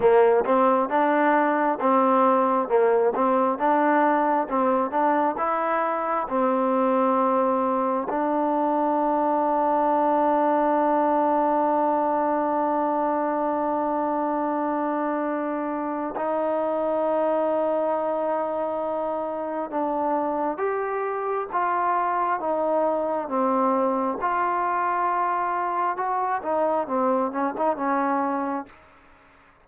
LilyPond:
\new Staff \with { instrumentName = "trombone" } { \time 4/4 \tempo 4 = 67 ais8 c'8 d'4 c'4 ais8 c'8 | d'4 c'8 d'8 e'4 c'4~ | c'4 d'2.~ | d'1~ |
d'2 dis'2~ | dis'2 d'4 g'4 | f'4 dis'4 c'4 f'4~ | f'4 fis'8 dis'8 c'8 cis'16 dis'16 cis'4 | }